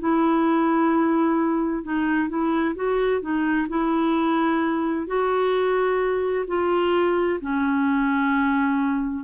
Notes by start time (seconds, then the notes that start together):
0.00 E4
1.84 D#4
2.29 E4
2.76 F#4
3.22 D#4
3.69 E4
5.07 F#4
6.48 F4
7.41 C#4